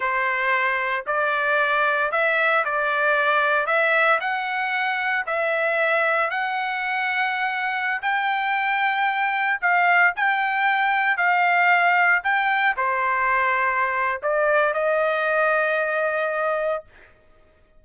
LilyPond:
\new Staff \with { instrumentName = "trumpet" } { \time 4/4 \tempo 4 = 114 c''2 d''2 | e''4 d''2 e''4 | fis''2 e''2 | fis''2.~ fis''16 g''8.~ |
g''2~ g''16 f''4 g''8.~ | g''4~ g''16 f''2 g''8.~ | g''16 c''2~ c''8. d''4 | dis''1 | }